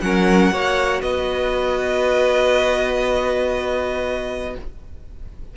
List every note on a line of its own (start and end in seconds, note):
0.00 0.51 F#3
0.00 0.52 C#4
0.00 0.52 A#4
0.00 1.01 F#5
0.51 1.01 A#3
0.51 4.56 F#4
0.51 1.01 C#5
1.01 4.55 B3
1.01 4.54 B4
1.01 4.55 D#5